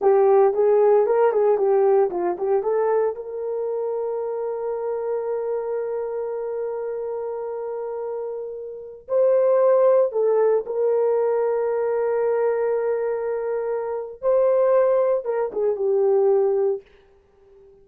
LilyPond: \new Staff \with { instrumentName = "horn" } { \time 4/4 \tempo 4 = 114 g'4 gis'4 ais'8 gis'8 g'4 | f'8 g'8 a'4 ais'2~ | ais'1~ | ais'1~ |
ais'4~ ais'16 c''2 a'8.~ | a'16 ais'2.~ ais'8.~ | ais'2. c''4~ | c''4 ais'8 gis'8 g'2 | }